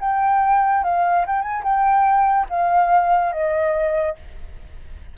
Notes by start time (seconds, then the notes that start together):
0.00 G5
0.84 F5
1.26 G5
1.42 G#5
1.63 G5
2.49 F5
3.32 D#5